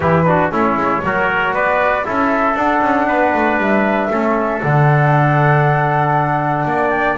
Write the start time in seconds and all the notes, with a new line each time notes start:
0.00 E3 E4 G4 B4
0.25 D4 F#4
0.51 A3 C#4 E4 C#5
0.76 G#3
1.02 F#3 F#4 A#4
1.53 B3 B4 D5
2.04 C#4 E4 A4 E5
2.54 D4 F#5
2.81 C#4
3.07 B3 B4
3.33 A3
3.57 G3 E5
4.10 A3 C#4 A4
4.61 D3 D4 F#5
6.65 A#3 D5
6.90 G5